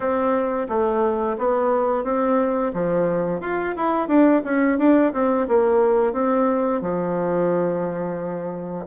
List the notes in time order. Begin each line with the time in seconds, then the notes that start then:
0.00 C4
0.68 A3
1.38 B3
2.04 C4
2.73 F3
3.41 F4
3.76 E4
4.08 D4
4.44 C#4
4.78 D4
5.13 C4
5.47 A#3
6.12 C4
6.81 F3